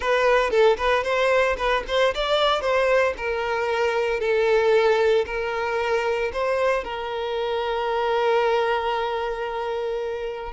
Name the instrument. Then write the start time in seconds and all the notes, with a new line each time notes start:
violin
0.00 B4
0.50 A4
0.77 B4
1.03 C5
1.57 B4
1.87 C5
2.14 D5
2.61 C5
3.17 A#4
4.20 A4
5.26 A#4
6.33 C5
6.84 A#4